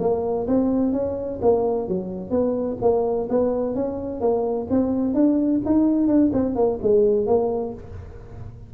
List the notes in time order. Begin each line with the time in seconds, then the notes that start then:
0.00 A#3
0.48 C4
0.93 C#4
1.42 A#3
1.88 F#3
2.30 B3
2.81 A#3
3.30 B3
3.75 C#4
4.21 A#3
4.70 C4
5.15 D4
5.65 D#4
6.08 D4
6.33 C4
6.56 A#3
6.82 G#3
7.27 A#3